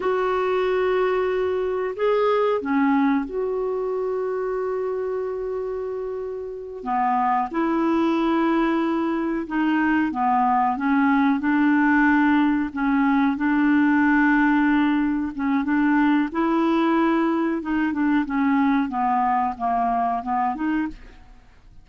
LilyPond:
\new Staff \with { instrumentName = "clarinet" } { \time 4/4 \tempo 4 = 92 fis'2. gis'4 | cis'4 fis'2.~ | fis'2~ fis'8 b4 e'8~ | e'2~ e'8 dis'4 b8~ |
b8 cis'4 d'2 cis'8~ | cis'8 d'2. cis'8 | d'4 e'2 dis'8 d'8 | cis'4 b4 ais4 b8 dis'8 | }